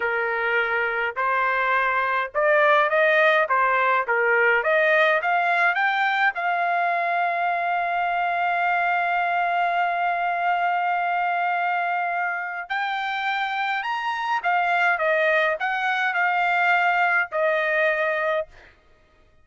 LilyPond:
\new Staff \with { instrumentName = "trumpet" } { \time 4/4 \tempo 4 = 104 ais'2 c''2 | d''4 dis''4 c''4 ais'4 | dis''4 f''4 g''4 f''4~ | f''1~ |
f''1~ | f''2 g''2 | ais''4 f''4 dis''4 fis''4 | f''2 dis''2 | }